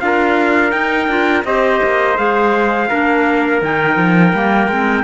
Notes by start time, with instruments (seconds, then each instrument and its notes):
0.00 cello D4, clarinet F4, trumpet A#4 F5
0.71 clarinet D#4, cello D#4, trumpet G5
1.08 cello D4, clarinet F4
1.45 cello C4, clarinet G4, trumpet C5 D#5
1.83 cello A#3
2.17 cello G#3, clarinet G#4, trumpet F5
2.89 cello A#3, clarinet D4, trumpet A#4
3.62 cello D#3, clarinet D#4, trumpet G5
3.97 cello F3
4.34 cello G3, clarinet A#3
4.68 cello G#3, clarinet C4